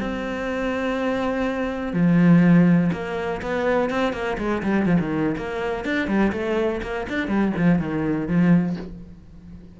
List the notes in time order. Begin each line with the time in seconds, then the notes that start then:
0.00 C4
1.93 F3
2.92 A#3
3.42 B3
3.90 C4
4.13 A#3
4.38 G#3
4.63 G3
4.86 F3
5.00 D#3
5.38 A#3
5.85 D4
6.08 G3
6.32 A3
6.82 A#3
7.09 D4
7.28 G3
7.57 F3
7.79 D#3
8.27 F3